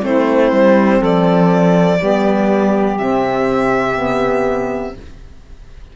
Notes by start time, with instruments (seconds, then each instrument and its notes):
0.00 cello A3, saxophone C4 E4, violin C5
0.52 cello G3
0.99 cello F3, saxophone A4, violin D5
1.99 cello G3, saxophone B3 G4
2.98 cello C3, saxophone C4, violin E5
3.95 saxophone B3